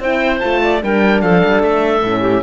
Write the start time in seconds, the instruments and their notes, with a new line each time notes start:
0.00 cello C4, horn E4, clarinet C5, oboe G5
0.39 cello A3, horn F4, oboe A5
0.64 clarinet D5
0.82 cello G3, horn D4, clarinet A#4, oboe G5
1.22 cello F3, clarinet A4, oboe F5
1.45 cello G3
1.63 cello A3, oboe E5
2.03 cello A2, horn C#4
2.21 clarinet G4